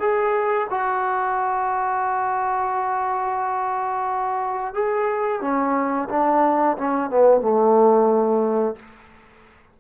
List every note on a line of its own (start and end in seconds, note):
0.00 0.67 G#4
0.70 4.74 F#4
4.74 5.41 G#4
5.41 6.09 C#4
6.09 6.77 D4
6.78 7.10 C#4
7.10 7.41 B3
7.41 8.76 A3